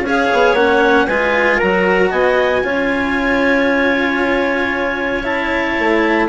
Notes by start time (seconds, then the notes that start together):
0.00 C#4 G#4 C#5
0.07 F5
0.33 B3
0.53 A#3 C#4 F#5
1.07 G#3 F4 B4 G#5
1.57 F#3 F#4 A#4 A#5
2.10 B3 D#5 G#5
2.64 C#4 F4 C#5
5.23 E4 A5
5.78 A3